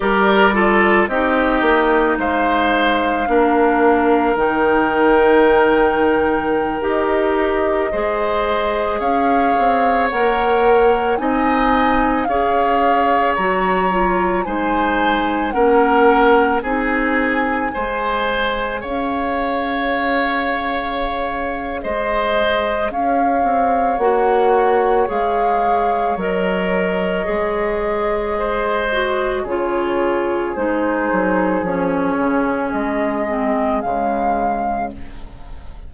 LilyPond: <<
  \new Staff \with { instrumentName = "flute" } { \time 4/4 \tempo 4 = 55 d''4 dis''4 f''2 | g''2~ g''16 dis''4.~ dis''16~ | dis''16 f''4 fis''4 gis''4 f''8.~ | f''16 ais''4 gis''4 fis''4 gis''8.~ |
gis''4~ gis''16 f''2~ f''8. | dis''4 f''4 fis''4 f''4 | dis''2. cis''4 | c''4 cis''4 dis''4 f''4 | }
  \new Staff \with { instrumentName = "oboe" } { \time 4/4 ais'8 a'8 g'4 c''4 ais'4~ | ais'2.~ ais'16 c''8.~ | c''16 cis''2 dis''4 cis''8.~ | cis''4~ cis''16 c''4 ais'4 gis'8.~ |
gis'16 c''4 cis''2~ cis''8. | c''4 cis''2.~ | cis''2 c''4 gis'4~ | gis'1 | }
  \new Staff \with { instrumentName = "clarinet" } { \time 4/4 g'8 f'8 dis'2 d'4 | dis'2~ dis'16 g'4 gis'8.~ | gis'4~ gis'16 ais'4 dis'4 gis'8.~ | gis'16 fis'8 f'8 dis'4 cis'4 dis'8.~ |
dis'16 gis'2.~ gis'8.~ | gis'2 fis'4 gis'4 | ais'4 gis'4. fis'8 f'4 | dis'4 cis'4. c'8 gis4 | }
  \new Staff \with { instrumentName = "bassoon" } { \time 4/4 g4 c'8 ais8 gis4 ais4 | dis2~ dis16 dis'4 gis8.~ | gis16 cis'8 c'8 ais4 c'4 cis'8.~ | cis'16 fis4 gis4 ais4 c'8.~ |
c'16 gis4 cis'2~ cis'8. | gis4 cis'8 c'8 ais4 gis4 | fis4 gis2 cis4 | gis8 fis8 f8 cis8 gis4 cis4 | }
>>